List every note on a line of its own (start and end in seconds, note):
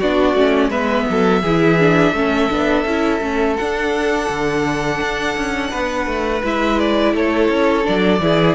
0.00 0.34 B3
0.00 0.37 D4
0.00 0.70 F#4
0.00 0.71 D5
0.34 0.70 A3
0.34 0.72 C#4
0.70 1.06 G#3
0.70 1.43 B3
0.70 1.06 B4
0.70 3.57 E5
1.10 1.43 F#3
1.10 1.42 A4
1.42 2.12 E3
1.42 1.79 E4
1.42 2.14 G#4
1.79 2.15 D4
2.12 2.48 A3
2.12 2.50 C#4
2.12 5.71 A4
2.50 2.85 B3
2.50 2.86 D4
2.85 3.21 C#4
2.85 3.21 E4
3.21 3.57 A3
3.21 3.57 C#4
3.57 4.30 D4
3.57 6.44 D4
3.57 6.42 F#5
4.30 5.01 D3
5.02 5.37 D4
5.37 5.73 C#4
5.71 6.07 B3
5.71 7.14 B4
6.07 6.42 A3
6.44 7.14 G#3
6.44 7.84 E4
6.44 6.80 E5
6.80 7.16 D5
7.14 7.49 A3
7.14 8.22 A4
7.14 7.87 C#5
7.49 7.85 C#4
7.84 8.20 F#3
7.84 8.19 D4
7.84 8.56 D5
8.20 8.56 E3
8.20 8.56 E4
8.20 8.56 G#4